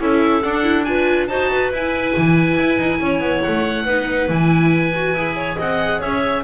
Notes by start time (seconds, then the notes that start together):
0.00 C#4 E4 A4 E5
0.43 D4 F#5
0.63 E4
0.84 F4 B4 G#5
1.27 D#4 F#4 C5 A5
1.51 B4
1.72 E4 G#5
2.17 E3
2.59 E4
2.79 D#4
3.01 C#4 C#5
3.20 B3
3.43 A3 F#5
3.85 B3 D#4 B4
4.29 E3 E4 G#5
4.95 F#4
5.14 E4 G#4
5.36 C#5
5.57 C4 D#5 F#5
5.99 C#4 C#5 E5